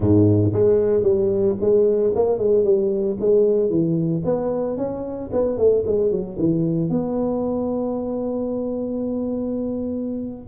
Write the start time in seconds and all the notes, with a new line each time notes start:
0.00 G#2
0.52 G#3
1.03 G3
1.60 G#3
2.15 A#3
2.38 G#3
2.64 G3
3.20 G#3
3.70 E3
4.24 B3
4.77 C#4
5.32 B3
5.57 A3
5.86 G#3
6.11 F#3
6.38 E3
6.89 B3